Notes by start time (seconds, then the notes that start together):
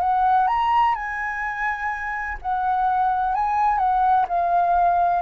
0.00 F#5
0.48 A#5
0.95 G#5
2.42 F#5
3.35 G#5
3.78 F#5
4.28 F5